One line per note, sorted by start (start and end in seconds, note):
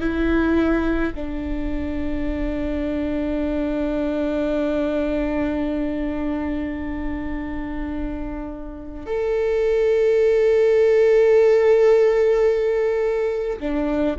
0.00 1.13 E4
1.15 9.06 D4
9.06 13.59 A4
13.60 14.16 D4